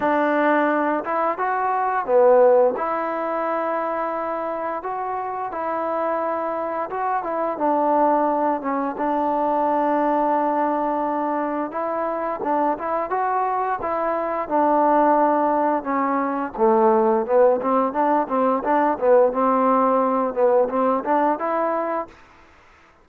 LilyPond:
\new Staff \with { instrumentName = "trombone" } { \time 4/4 \tempo 4 = 87 d'4. e'8 fis'4 b4 | e'2. fis'4 | e'2 fis'8 e'8 d'4~ | d'8 cis'8 d'2.~ |
d'4 e'4 d'8 e'8 fis'4 | e'4 d'2 cis'4 | a4 b8 c'8 d'8 c'8 d'8 b8 | c'4. b8 c'8 d'8 e'4 | }